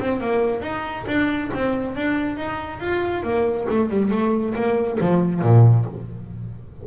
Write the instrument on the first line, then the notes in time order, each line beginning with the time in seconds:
double bass
0.00 C4
0.21 A#3
0.62 D#4
1.08 D4
1.54 C4
1.96 D4
2.37 D#4
2.81 F4
3.24 A#3
3.70 A3
3.90 G3
4.11 A3
4.56 A#3
5.01 F3
5.43 A#2